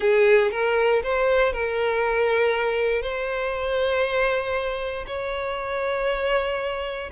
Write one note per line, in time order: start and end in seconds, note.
0.00 0.51 G#4
0.51 1.02 A#4
1.03 1.52 C5
1.52 3.02 A#4
3.02 5.05 C5
5.06 7.10 C#5